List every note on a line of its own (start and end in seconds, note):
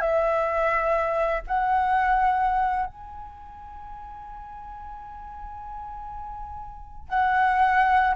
0.00 1.41 E5
1.47 2.86 F#5
2.86 7.08 G#5
7.08 8.14 F#5